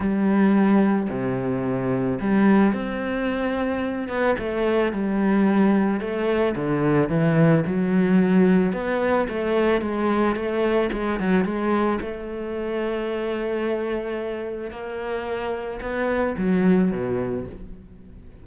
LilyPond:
\new Staff \with { instrumentName = "cello" } { \time 4/4 \tempo 4 = 110 g2 c2 | g4 c'2~ c'8 b8 | a4 g2 a4 | d4 e4 fis2 |
b4 a4 gis4 a4 | gis8 fis8 gis4 a2~ | a2. ais4~ | ais4 b4 fis4 b,4 | }